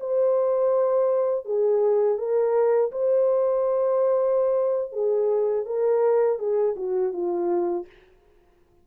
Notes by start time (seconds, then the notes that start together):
0.00 C5
1.45 G#4
2.18 A#4
2.92 C5
4.93 G#4
5.66 A#4
6.39 G#4
6.76 F#4
7.13 F4